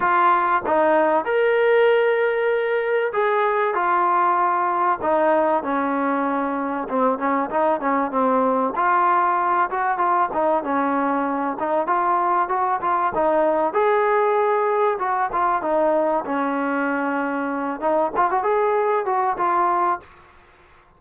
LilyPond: \new Staff \with { instrumentName = "trombone" } { \time 4/4 \tempo 4 = 96 f'4 dis'4 ais'2~ | ais'4 gis'4 f'2 | dis'4 cis'2 c'8 cis'8 | dis'8 cis'8 c'4 f'4. fis'8 |
f'8 dis'8 cis'4. dis'8 f'4 | fis'8 f'8 dis'4 gis'2 | fis'8 f'8 dis'4 cis'2~ | cis'8 dis'8 f'16 fis'16 gis'4 fis'8 f'4 | }